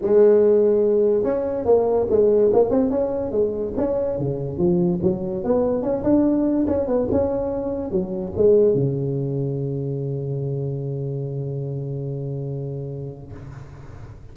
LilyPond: \new Staff \with { instrumentName = "tuba" } { \time 4/4 \tempo 4 = 144 gis2. cis'4 | ais4 gis4 ais8 c'8 cis'4 | gis4 cis'4 cis4 f4 | fis4 b4 cis'8 d'4. |
cis'8 b8 cis'2 fis4 | gis4 cis2.~ | cis1~ | cis1 | }